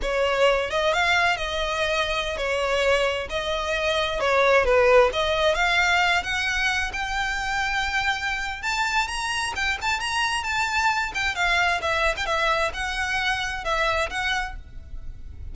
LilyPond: \new Staff \with { instrumentName = "violin" } { \time 4/4 \tempo 4 = 132 cis''4. dis''8 f''4 dis''4~ | dis''4~ dis''16 cis''2 dis''8.~ | dis''4~ dis''16 cis''4 b'4 dis''8.~ | dis''16 f''4. fis''4. g''8.~ |
g''2. a''4 | ais''4 g''8 a''8 ais''4 a''4~ | a''8 g''8 f''4 e''8. g''16 e''4 | fis''2 e''4 fis''4 | }